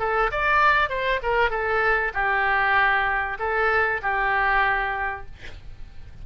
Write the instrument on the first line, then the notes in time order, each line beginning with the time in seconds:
oboe
0.00 A4
0.32 D5
0.90 C5
1.23 A#4
1.51 A4
2.15 G4
3.39 A4
4.03 G4